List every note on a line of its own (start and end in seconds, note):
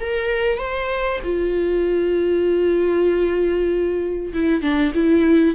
0.00 0.58 A#4
0.58 1.20 C5
1.23 4.33 F4
4.33 4.62 E4
4.62 4.93 D4
4.94 5.55 E4